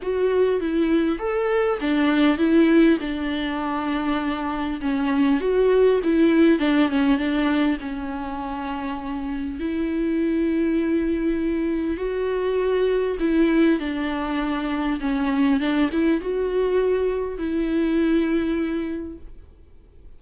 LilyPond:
\new Staff \with { instrumentName = "viola" } { \time 4/4 \tempo 4 = 100 fis'4 e'4 a'4 d'4 | e'4 d'2. | cis'4 fis'4 e'4 d'8 cis'8 | d'4 cis'2. |
e'1 | fis'2 e'4 d'4~ | d'4 cis'4 d'8 e'8 fis'4~ | fis'4 e'2. | }